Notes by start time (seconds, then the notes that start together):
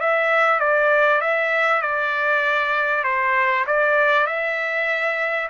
0.00 E5
0.59 D5
1.21 E5
1.81 D5
3.03 C5
3.66 D5
4.26 E5